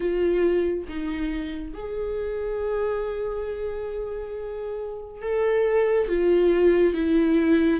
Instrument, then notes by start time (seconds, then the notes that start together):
viola
0.00 F4
0.88 D#4
1.73 G#4
5.21 A4
6.08 F4
6.94 E4